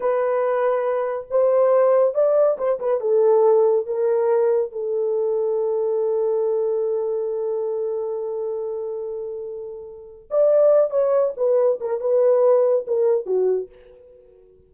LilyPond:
\new Staff \with { instrumentName = "horn" } { \time 4/4 \tempo 4 = 140 b'2. c''4~ | c''4 d''4 c''8 b'8 a'4~ | a'4 ais'2 a'4~ | a'1~ |
a'1~ | a'1 | d''4. cis''4 b'4 ais'8 | b'2 ais'4 fis'4 | }